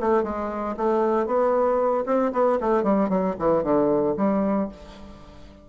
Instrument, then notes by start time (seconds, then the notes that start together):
bassoon
0.00 A3
0.23 G#3
0.77 A3
1.26 B3
2.06 C4
2.33 B3
2.60 A3
2.83 G3
3.09 F#3
3.39 E3
3.64 D3
4.17 G3